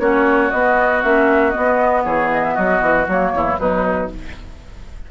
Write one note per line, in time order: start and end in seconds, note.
0.00 0.51 A#3
0.00 0.51 C#4
0.00 2.04 F#4
0.00 0.51 C#5
0.51 1.04 B3
0.51 1.02 D#5
1.03 1.55 A#3
1.03 1.52 C#4
1.03 1.51 E5
1.51 3.06 B3
1.51 2.02 D#5
1.57 2.05 B3
2.04 2.56 E3
2.04 2.55 G#4
2.04 2.30 C#5
2.32 2.44 D#5
2.44 2.56 E5
2.55 2.81 F#3
2.55 3.32 F#4
2.55 3.07 D#5
2.81 3.07 E3
3.08 3.33 F#3
3.08 3.59 A#3
3.08 3.59 C#5
3.33 3.59 E2
3.33 3.60 E4
3.59 4.10 B2
3.59 4.10 F#3
3.59 4.11 D#4
3.59 4.10 B4